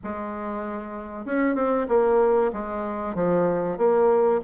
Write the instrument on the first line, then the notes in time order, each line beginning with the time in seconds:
bassoon
0.03 G#3
1.25 C#4
1.55 C4
1.88 A#3
2.53 G#3
3.14 F3
3.77 A#3